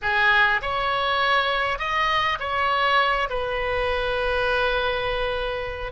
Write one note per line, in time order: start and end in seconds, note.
0.01 0.61 G#4
0.61 1.78 C#5
1.78 2.38 D#5
2.39 3.28 C#5
3.29 5.92 B4